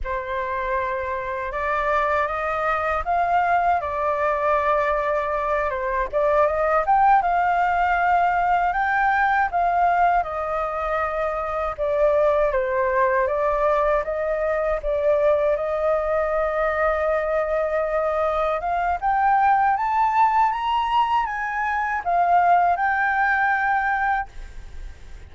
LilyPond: \new Staff \with { instrumentName = "flute" } { \time 4/4 \tempo 4 = 79 c''2 d''4 dis''4 | f''4 d''2~ d''8 c''8 | d''8 dis''8 g''8 f''2 g''8~ | g''8 f''4 dis''2 d''8~ |
d''8 c''4 d''4 dis''4 d''8~ | d''8 dis''2.~ dis''8~ | dis''8 f''8 g''4 a''4 ais''4 | gis''4 f''4 g''2 | }